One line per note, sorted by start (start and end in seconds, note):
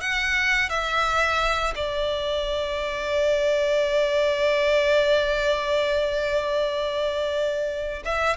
0.00 0.69 F#5
0.69 1.73 E5
1.75 8.03 D5
8.05 8.37 E5